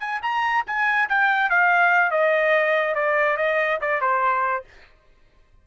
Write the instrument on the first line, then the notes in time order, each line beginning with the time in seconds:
trumpet
0.00 G#5
0.23 A#5
0.67 G#5
1.09 G5
1.50 F5
2.11 D#5
2.95 D5
3.37 D#5
3.81 D5
4.01 C5